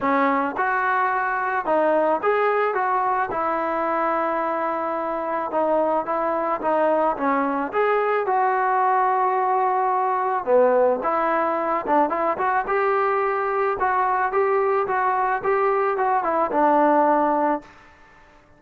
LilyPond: \new Staff \with { instrumentName = "trombone" } { \time 4/4 \tempo 4 = 109 cis'4 fis'2 dis'4 | gis'4 fis'4 e'2~ | e'2 dis'4 e'4 | dis'4 cis'4 gis'4 fis'4~ |
fis'2. b4 | e'4. d'8 e'8 fis'8 g'4~ | g'4 fis'4 g'4 fis'4 | g'4 fis'8 e'8 d'2 | }